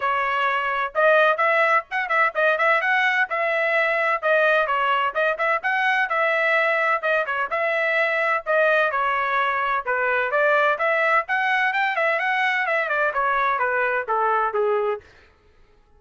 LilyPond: \new Staff \with { instrumentName = "trumpet" } { \time 4/4 \tempo 4 = 128 cis''2 dis''4 e''4 | fis''8 e''8 dis''8 e''8 fis''4 e''4~ | e''4 dis''4 cis''4 dis''8 e''8 | fis''4 e''2 dis''8 cis''8 |
e''2 dis''4 cis''4~ | cis''4 b'4 d''4 e''4 | fis''4 g''8 e''8 fis''4 e''8 d''8 | cis''4 b'4 a'4 gis'4 | }